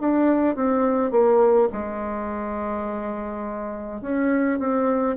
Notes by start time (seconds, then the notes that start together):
0.00 D4
0.56 C4
1.11 A#3
1.72 G#3
4.01 C#4
4.59 C4